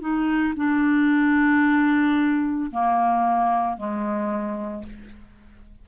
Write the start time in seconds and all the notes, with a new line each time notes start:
0.00 D#4
0.56 D4
2.71 A#3
3.76 G#3